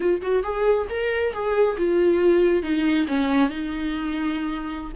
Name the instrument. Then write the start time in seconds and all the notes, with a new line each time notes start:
viola
0.00 F4
0.22 F#4
0.43 G#4
0.89 A#4
1.33 G#4
1.77 F4
2.62 D#4
3.07 C#4
3.49 D#4